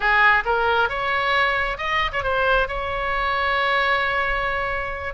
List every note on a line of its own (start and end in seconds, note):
0.00 0.43 G#4
0.45 0.89 A#4
0.89 1.77 C#5
1.77 2.11 D#5
2.12 2.23 C#5
2.23 2.67 C5
2.67 5.14 C#5